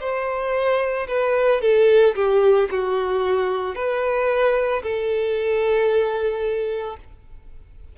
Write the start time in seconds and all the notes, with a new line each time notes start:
0.00 C5
1.08 B4
1.61 A4
2.15 G4
2.71 F#4
3.75 B4
4.83 A4